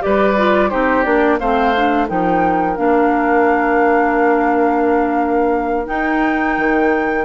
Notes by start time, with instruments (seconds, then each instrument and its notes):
0.00 bassoon G3, clarinet G4, oboe B4, flute D5
0.37 clarinet F4
0.69 bassoon C4, clarinet D#4, oboe G4, flute C5
1.02 bassoon A#3, clarinet D4, flute D5
1.39 bassoon A3, clarinet C4, oboe C5, flute F5
1.76 clarinet D4
2.07 bassoon F3, clarinet D#4, oboe A#4, flute G5
2.75 bassoon A#3, clarinet D4, flute F5
5.86 clarinet D#4, bassoon D#4, flute G5
6.57 bassoon D#3